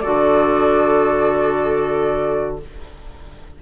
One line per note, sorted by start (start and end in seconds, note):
0.00 2.62 D3
0.00 2.60 F#4
0.00 2.59 A4
0.00 2.56 D5